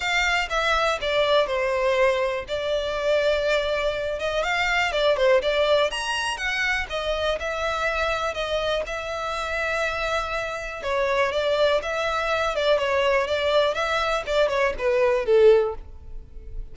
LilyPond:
\new Staff \with { instrumentName = "violin" } { \time 4/4 \tempo 4 = 122 f''4 e''4 d''4 c''4~ | c''4 d''2.~ | d''8 dis''8 f''4 d''8 c''8 d''4 | ais''4 fis''4 dis''4 e''4~ |
e''4 dis''4 e''2~ | e''2 cis''4 d''4 | e''4. d''8 cis''4 d''4 | e''4 d''8 cis''8 b'4 a'4 | }